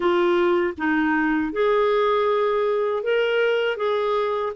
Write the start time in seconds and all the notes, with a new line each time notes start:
0.00 F4
0.77 D#4
1.52 G#4
3.03 A#4
3.77 G#4